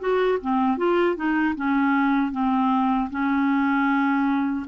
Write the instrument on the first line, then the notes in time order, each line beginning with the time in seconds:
clarinet
0.00 F#4
0.42 C4
0.78 F4
1.17 D#4
1.56 C#4
2.32 C4
3.11 C#4